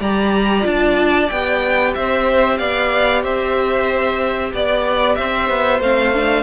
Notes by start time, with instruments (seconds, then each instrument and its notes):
0.00 cello G3, viola G4, violin D5 A#5
0.62 cello D4, viola F4, violin A5
1.29 cello B3, viola G4, violin G5
1.95 cello C4, violin C5 E5
2.58 cello B3, violin D5 F5
3.23 cello C4, violin C5 E5
4.53 cello B3, violin D5
5.15 cello C4, violin C5 E5
5.50 cello B3
5.80 cello A3, viola C4, violin F5
6.14 viola D4